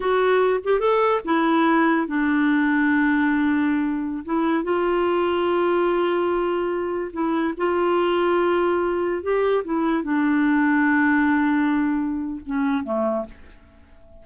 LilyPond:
\new Staff \with { instrumentName = "clarinet" } { \time 4/4 \tempo 4 = 145 fis'4. g'8 a'4 e'4~ | e'4 d'2.~ | d'2~ d'16 e'4 f'8.~ | f'1~ |
f'4~ f'16 e'4 f'4.~ f'16~ | f'2~ f'16 g'4 e'8.~ | e'16 d'2.~ d'8.~ | d'2 cis'4 a4 | }